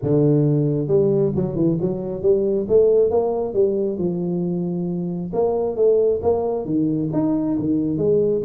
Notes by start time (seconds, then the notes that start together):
0.02 D3
0.87 G3
1.35 F#3
1.55 E3
1.81 F#3
2.22 G3
2.68 A3
3.10 A#3
3.53 G3
3.98 F3
5.33 A#3
5.76 A3
6.22 A#3
6.65 D#3
7.13 D#4
7.58 D#3
7.97 G#3